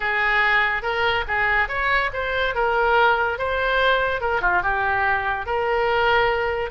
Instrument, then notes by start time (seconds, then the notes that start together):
oboe
0.00 G#4
0.82 A#4
1.27 G#4
1.68 C#5
2.13 C5
2.54 A#4
3.38 C5
4.20 A#4
4.41 F4
4.62 G4
5.45 A#4